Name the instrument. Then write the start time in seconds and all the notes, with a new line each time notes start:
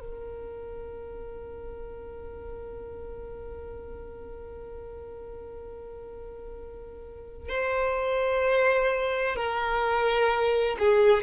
violin
0.00 A#4
7.49 C5
9.36 A#4
10.79 G#4